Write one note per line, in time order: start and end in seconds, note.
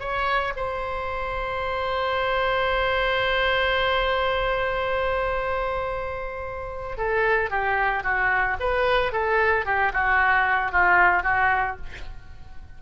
0.00 0.54 C#5
0.56 6.98 C5
6.98 7.50 A4
7.50 8.04 G4
8.04 8.57 F#4
8.60 9.12 B4
9.12 9.66 A4
9.66 9.92 G4
9.93 10.72 F#4
10.72 11.23 F4
11.23 11.77 F#4